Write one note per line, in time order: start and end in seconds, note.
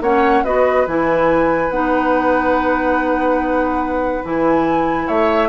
0.00 0.42 A#3
0.00 0.45 C#4
0.00 0.44 C#5
0.00 0.44 F#5
0.44 0.86 B3
0.44 0.87 F#4
0.44 5.07 B4
0.44 0.86 D#5
0.86 1.69 E3
0.86 1.71 E4
0.86 1.70 G#5
1.69 4.23 B3
1.69 4.23 D#4
1.69 4.24 F#5
4.23 5.08 E3
4.23 5.48 E4
4.23 5.08 G#5
5.07 5.48 A3
5.07 5.48 C#5
5.07 5.48 E5